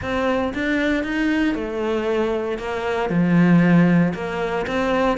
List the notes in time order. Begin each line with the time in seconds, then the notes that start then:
0.01 C4
0.54 D4
1.03 D#4
1.54 A3
2.58 A#3
3.09 F3
4.14 A#3
4.67 C4